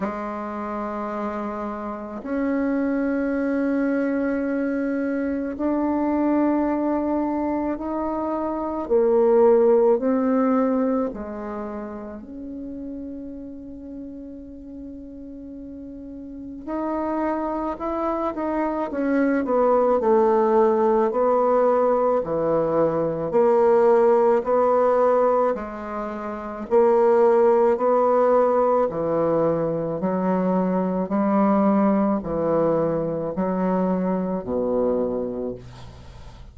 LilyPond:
\new Staff \with { instrumentName = "bassoon" } { \time 4/4 \tempo 4 = 54 gis2 cis'2~ | cis'4 d'2 dis'4 | ais4 c'4 gis4 cis'4~ | cis'2. dis'4 |
e'8 dis'8 cis'8 b8 a4 b4 | e4 ais4 b4 gis4 | ais4 b4 e4 fis4 | g4 e4 fis4 b,4 | }